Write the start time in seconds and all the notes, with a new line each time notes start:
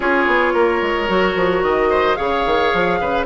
0.00 C#4 F4 G#4 C#5
0.26 B3
0.53 A#3 A#4
0.81 G#3
1.08 F#3 F#4
1.35 F3
1.62 D#3 D#5
1.90 C5
2.16 C#3 G#4 C#5 F5
2.45 D#3
2.73 F3
3.00 C#3 B4